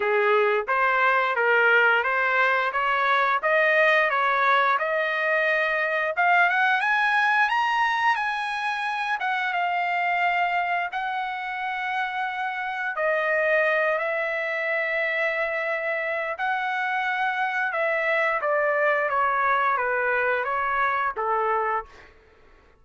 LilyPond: \new Staff \with { instrumentName = "trumpet" } { \time 4/4 \tempo 4 = 88 gis'4 c''4 ais'4 c''4 | cis''4 dis''4 cis''4 dis''4~ | dis''4 f''8 fis''8 gis''4 ais''4 | gis''4. fis''8 f''2 |
fis''2. dis''4~ | dis''8 e''2.~ e''8 | fis''2 e''4 d''4 | cis''4 b'4 cis''4 a'4 | }